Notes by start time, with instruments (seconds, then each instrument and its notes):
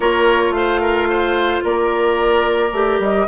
0.00 bassoon A#3, clarinet F4, oboe A#4, flute C#5
0.50 bassoon A3, oboe C5, flute F5
0.80 oboe A#4
1.09 oboe C5
1.64 bassoon A#3, oboe A#4, flute D5
2.72 bassoon A3, clarinet G4
2.99 bassoon G3, flute D#5